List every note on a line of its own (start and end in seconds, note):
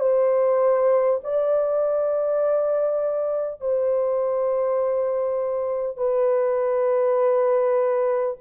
0.00 1.20 C5
1.23 3.61 D5
3.61 5.97 C5
5.97 8.37 B4